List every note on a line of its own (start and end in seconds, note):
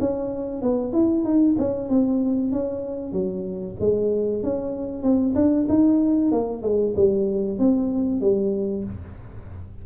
0.00 0.62 C#4
0.62 0.92 B3
0.92 1.24 E4
1.24 1.56 D#4
1.58 1.89 C#4
1.89 2.52 C4
2.52 3.12 C#4
3.12 3.75 F#3
3.80 4.43 G#3
4.43 5.03 C#4
5.03 5.34 C4
5.35 5.66 D4
5.69 6.31 D#4
6.31 6.62 A#3
6.62 6.94 G#3
6.96 7.58 G3
7.58 8.21 C4
8.21 8.84 G3